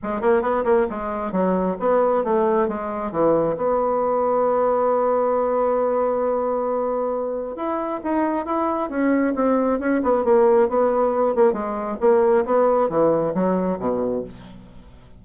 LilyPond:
\new Staff \with { instrumentName = "bassoon" } { \time 4/4 \tempo 4 = 135 gis8 ais8 b8 ais8 gis4 fis4 | b4 a4 gis4 e4 | b1~ | b1~ |
b4 e'4 dis'4 e'4 | cis'4 c'4 cis'8 b8 ais4 | b4. ais8 gis4 ais4 | b4 e4 fis4 b,4 | }